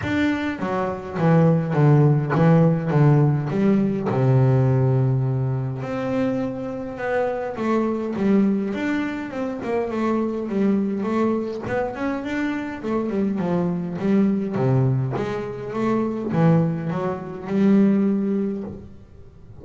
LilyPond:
\new Staff \with { instrumentName = "double bass" } { \time 4/4 \tempo 4 = 103 d'4 fis4 e4 d4 | e4 d4 g4 c4~ | c2 c'2 | b4 a4 g4 d'4 |
c'8 ais8 a4 g4 a4 | b8 cis'8 d'4 a8 g8 f4 | g4 c4 gis4 a4 | e4 fis4 g2 | }